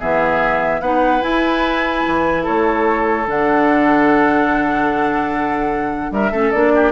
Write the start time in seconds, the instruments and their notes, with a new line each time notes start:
0.00 bassoon E3, clarinet B3, oboe G#4, flute E5
0.81 bassoon B3, clarinet D#4, oboe B4, flute F#5
1.22 clarinet E4, bassoon E4, flute G#5
2.07 bassoon E3
2.43 bassoon A3, oboe A4, flute C#5
3.28 bassoon D3, clarinet D4, flute F#5
6.12 bassoon G3, oboe A#4, flute E5
6.32 bassoon A3, clarinet C#4, oboe A4
6.52 bassoon A#3, clarinet D4, flute D5
6.76 oboe G4